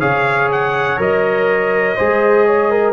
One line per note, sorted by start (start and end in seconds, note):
0.00 0.98 C#3
0.00 0.97 G#4
0.00 1.96 C#5
0.00 0.49 F5
0.52 1.01 F#5
0.97 1.97 F#3
0.97 1.95 A#4
0.97 2.93 D#5
1.96 2.93 G#3
1.96 2.93 G#4
1.96 2.45 C5
2.46 2.71 C#5
2.71 2.93 A#4